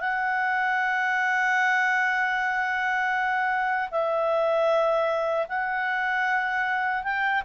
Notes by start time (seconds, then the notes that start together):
0.00 F#5
3.91 E5
5.48 F#5
7.03 G5